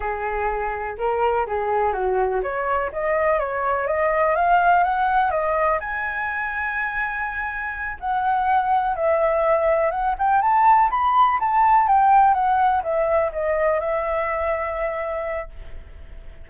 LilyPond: \new Staff \with { instrumentName = "flute" } { \time 4/4 \tempo 4 = 124 gis'2 ais'4 gis'4 | fis'4 cis''4 dis''4 cis''4 | dis''4 f''4 fis''4 dis''4 | gis''1~ |
gis''8 fis''2 e''4.~ | e''8 fis''8 g''8 a''4 b''4 a''8~ | a''8 g''4 fis''4 e''4 dis''8~ | dis''8 e''2.~ e''8 | }